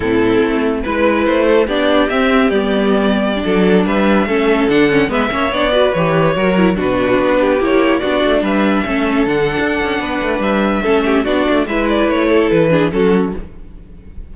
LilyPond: <<
  \new Staff \with { instrumentName = "violin" } { \time 4/4 \tempo 4 = 144 a'2 b'4 c''4 | d''4 e''4 d''2~ | d''4~ d''16 e''2 fis''8.~ | fis''16 e''4 d''4 cis''4.~ cis''16~ |
cis''16 b'2 cis''4 d''8.~ | d''16 e''2 fis''4.~ fis''16~ | fis''4 e''2 d''4 | e''8 d''8 cis''4 b'4 a'4 | }
  \new Staff \with { instrumentName = "violin" } { \time 4/4 e'2 b'4. a'8 | g'1~ | g'16 a'4 b'4 a'4.~ a'16~ | a'16 b'8 cis''4 b'4. ais'8.~ |
ais'16 fis'4. g'4. fis'8.~ | fis'16 b'4 a'2~ a'8. | b'2 a'8 g'8 fis'4 | b'4. a'4 gis'8 fis'4 | }
  \new Staff \with { instrumentName = "viola" } { \time 4/4 c'2 e'2 | d'4 c'4 b2 | d'2~ d'16 cis'4 d'8 cis'16~ | cis'16 b8 cis'8 d'8 fis'8 g'4 fis'8 e'16~ |
e'16 d'2 e'4 d'8.~ | d'4~ d'16 cis'4 d'4.~ d'16~ | d'2 cis'4 d'4 | e'2~ e'8 d'8 cis'4 | }
  \new Staff \with { instrumentName = "cello" } { \time 4/4 a,4 a4 gis4 a4 | b4 c'4 g2~ | g16 fis4 g4 a4 d8.~ | d16 gis8 ais8 b4 e4 fis8.~ |
fis16 b,4 b4 ais4 b8 a16~ | a16 g4 a4 d8. d'8 cis'8 | b8 a8 g4 a4 b8 a8 | gis4 a4 e4 fis4 | }
>>